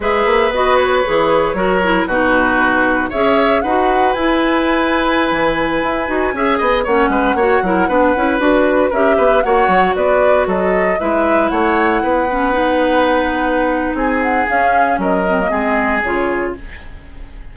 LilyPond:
<<
  \new Staff \with { instrumentName = "flute" } { \time 4/4 \tempo 4 = 116 e''4 dis''8 cis''2~ cis''8 | b'2 e''4 fis''4 | gis''1~ | gis''4~ gis''16 fis''2~ fis''8.~ |
fis''16 b'4 e''4 fis''4 d''8.~ | d''16 dis''4 e''4 fis''4.~ fis''16~ | fis''2. gis''8 fis''8 | f''4 dis''2 cis''4 | }
  \new Staff \with { instrumentName = "oboe" } { \time 4/4 b'2. ais'4 | fis'2 cis''4 b'4~ | b'1~ | b'16 e''8 dis''8 cis''8 b'8 cis''8 ais'8 b'8.~ |
b'4~ b'16 ais'8 b'8 cis''4 b'8.~ | b'16 a'4 b'4 cis''4 b'8.~ | b'2. gis'4~ | gis'4 ais'4 gis'2 | }
  \new Staff \with { instrumentName = "clarinet" } { \time 4/4 gis'4 fis'4 gis'4 fis'8 e'8 | dis'2 gis'4 fis'4 | e'2.~ e'8. fis'16~ | fis'16 gis'4 cis'4 fis'8 e'8 d'8 e'16~ |
e'16 fis'4 g'4 fis'4.~ fis'16~ | fis'4~ fis'16 e'2~ e'8 cis'16~ | cis'16 dis'2.~ dis'8. | cis'4. c'16 ais16 c'4 f'4 | }
  \new Staff \with { instrumentName = "bassoon" } { \time 4/4 gis8 ais8 b4 e4 fis4 | b,2 cis'4 dis'4 | e'2~ e'16 e4 e'8 dis'16~ | dis'16 cis'8 b8 ais8 gis8 ais8 fis8 b8 cis'16~ |
cis'16 d'4 cis'8 b8 ais8 fis8 b8.~ | b16 fis4 gis4 a4 b8.~ | b2. c'4 | cis'4 fis4 gis4 cis4 | }
>>